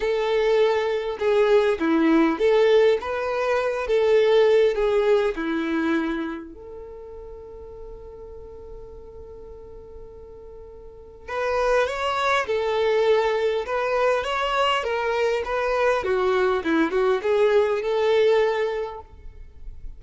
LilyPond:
\new Staff \with { instrumentName = "violin" } { \time 4/4 \tempo 4 = 101 a'2 gis'4 e'4 | a'4 b'4. a'4. | gis'4 e'2 a'4~ | a'1~ |
a'2. b'4 | cis''4 a'2 b'4 | cis''4 ais'4 b'4 fis'4 | e'8 fis'8 gis'4 a'2 | }